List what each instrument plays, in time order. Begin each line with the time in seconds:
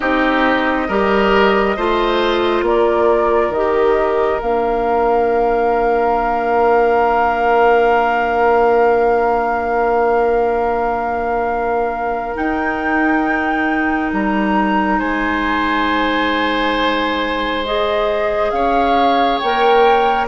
0.00 bassoon C4, clarinet D#4, oboe G4, flute D#5
0.88 bassoon G3, clarinet G4, oboe A#4
1.76 bassoon A3, clarinet F4, oboe C5
2.62 bassoon A#3, oboe A#4, flute D5
3.49 bassoon D#3, flute D#5
3.56 clarinet G4
4.40 bassoon A#3, clarinet D4, flute F5
12.34 clarinet D#4, bassoon D#4, flute G5
14.12 bassoon G3, flute A#5
14.98 bassoon G#3, oboe C5, flute G#5
17.65 clarinet G#4, flute D#5
18.50 bassoon C#4, oboe C#5, flute F5
19.39 bassoon A#3, clarinet A#4, flute G5